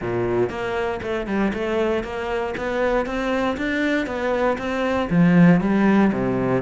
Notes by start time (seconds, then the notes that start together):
0.01 A#2
0.49 A#3
1.02 A3
1.27 G3
1.53 A3
2.03 A#3
2.57 B3
3.05 C4
3.57 D4
4.06 B3
4.58 C4
5.09 F3
5.60 G3
6.12 C3